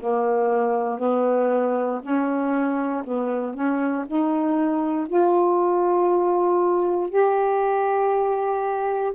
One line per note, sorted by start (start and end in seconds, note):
0.00 0.99 A#3
0.99 2.01 B3
2.02 3.03 C#4
3.04 3.54 B3
3.54 4.05 C#4
4.07 5.07 D#4
5.07 7.10 F4
7.10 9.13 G4